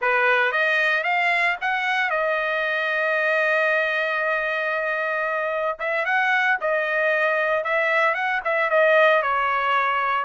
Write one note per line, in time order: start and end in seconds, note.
0.01 0.52 B4
0.52 1.03 D#5
1.03 1.56 F5
1.61 2.10 F#5
2.10 5.78 D#5
5.79 6.05 E5
6.05 6.57 F#5
6.61 7.64 D#5
7.64 8.14 E5
8.14 8.40 F#5
8.44 8.70 E5
8.70 9.22 D#5
9.22 10.25 C#5